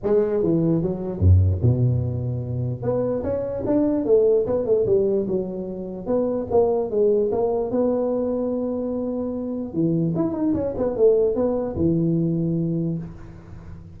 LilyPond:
\new Staff \with { instrumentName = "tuba" } { \time 4/4 \tempo 4 = 148 gis4 e4 fis4 fis,4 | b,2. b4 | cis'4 d'4 a4 b8 a8 | g4 fis2 b4 |
ais4 gis4 ais4 b4~ | b1 | e4 e'8 dis'8 cis'8 b8 a4 | b4 e2. | }